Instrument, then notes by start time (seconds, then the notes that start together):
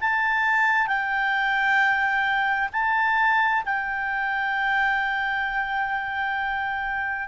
clarinet
0.00 A5
0.87 G5
2.72 A5
3.65 G5